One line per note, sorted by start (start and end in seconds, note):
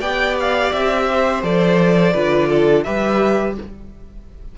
0.00 0.71 B3
0.00 1.43 G4
0.00 1.06 D5
0.00 0.36 G5
0.40 0.72 F5
0.72 1.43 C4
0.72 1.43 E5
1.10 2.13 C5
1.43 2.13 F3
1.43 2.13 A4
1.43 2.83 D5
2.13 2.86 D3
2.13 2.85 F4
2.13 2.48 B4
2.49 2.84 A4
2.83 3.57 G3
2.83 3.56 G4
2.83 3.55 B4
2.83 3.54 E5